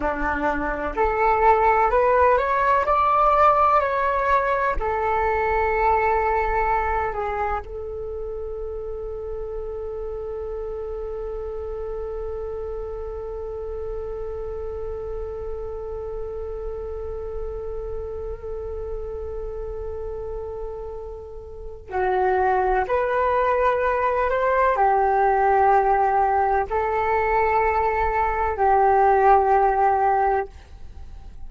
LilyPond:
\new Staff \with { instrumentName = "flute" } { \time 4/4 \tempo 4 = 63 d'4 a'4 b'8 cis''8 d''4 | cis''4 a'2~ a'8 gis'8 | a'1~ | a'1~ |
a'1~ | a'2. fis'4 | b'4. c''8 g'2 | a'2 g'2 | }